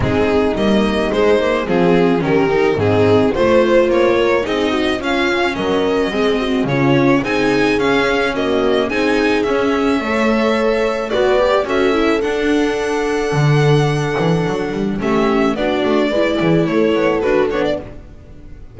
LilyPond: <<
  \new Staff \with { instrumentName = "violin" } { \time 4/4 \tempo 4 = 108 gis'4 dis''4 c''4 gis'4 | ais'4 gis'4 c''4 cis''4 | dis''4 f''4 dis''2 | cis''4 gis''4 f''4 dis''4 |
gis''4 e''2. | d''4 e''4 fis''2~ | fis''2. e''4 | d''2 cis''4 b'8 cis''16 d''16 | }
  \new Staff \with { instrumentName = "horn" } { \time 4/4 dis'2. f'4 | g'4 dis'4 c''4. ais'8 | gis'8 fis'8 f'4 ais'4 gis'8 fis'8 | f'4 gis'2 fis'4 |
gis'2 cis''2 | b'4 a'2.~ | a'2. g'4 | fis'4 b'8 gis'8 a'2 | }
  \new Staff \with { instrumentName = "viola" } { \time 4/4 c'4 ais4 gis8 ais8 c'4 | cis'8 dis'8 c'4 f'2 | dis'4 cis'2 c'4 | cis'4 dis'4 cis'4 ais4 |
dis'4 cis'4 a'2 | fis'8 g'8 fis'8 e'8 d'2~ | d'2. cis'4 | d'4 e'2 fis'8 d'8 | }
  \new Staff \with { instrumentName = "double bass" } { \time 4/4 gis4 g4 gis4 f4 | dis4 gis,4 a4 ais4 | c'4 cis'4 fis4 gis4 | cis4 c'4 cis'2 |
c'4 cis'4 a2 | b4 cis'4 d'2 | d4. e8 fis8 g8 a4 | b8 a8 gis8 e8 a8 b8 d'8 b8 | }
>>